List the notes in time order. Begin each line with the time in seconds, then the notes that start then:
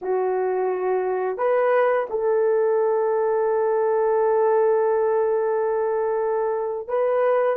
0.01 F#4
1.37 B4
2.09 A4
6.87 B4